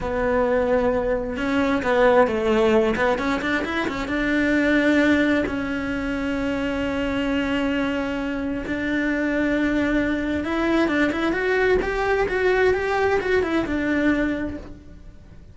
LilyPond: \new Staff \with { instrumentName = "cello" } { \time 4/4 \tempo 4 = 132 b2. cis'4 | b4 a4. b8 cis'8 d'8 | e'8 cis'8 d'2. | cis'1~ |
cis'2. d'4~ | d'2. e'4 | d'8 e'8 fis'4 g'4 fis'4 | g'4 fis'8 e'8 d'2 | }